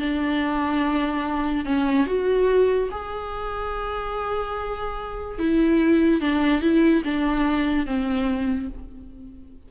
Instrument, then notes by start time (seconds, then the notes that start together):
viola
0.00 D4
1.66 C#4
2.07 F#4
2.92 G#4
5.39 E4
6.21 D4
6.62 E4
7.05 D4
7.87 C4